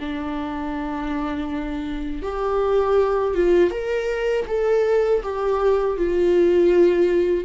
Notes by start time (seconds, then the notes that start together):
0.00 D4
2.23 G4
3.35 F4
3.71 A#4
4.48 A4
5.23 G4
5.98 F4